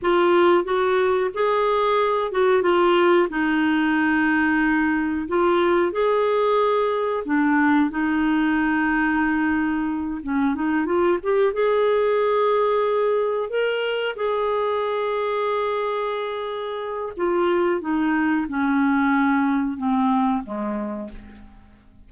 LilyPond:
\new Staff \with { instrumentName = "clarinet" } { \time 4/4 \tempo 4 = 91 f'4 fis'4 gis'4. fis'8 | f'4 dis'2. | f'4 gis'2 d'4 | dis'2.~ dis'8 cis'8 |
dis'8 f'8 g'8 gis'2~ gis'8~ | gis'8 ais'4 gis'2~ gis'8~ | gis'2 f'4 dis'4 | cis'2 c'4 gis4 | }